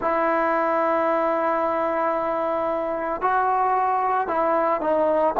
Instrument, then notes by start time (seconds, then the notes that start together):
trombone
0.01 E4
3.21 F#4
4.27 E4
4.80 D#4